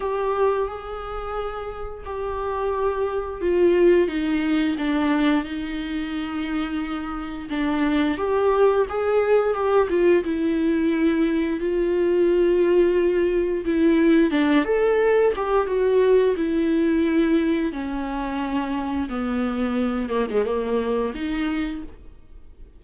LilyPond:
\new Staff \with { instrumentName = "viola" } { \time 4/4 \tempo 4 = 88 g'4 gis'2 g'4~ | g'4 f'4 dis'4 d'4 | dis'2. d'4 | g'4 gis'4 g'8 f'8 e'4~ |
e'4 f'2. | e'4 d'8 a'4 g'8 fis'4 | e'2 cis'2 | b4. ais16 gis16 ais4 dis'4 | }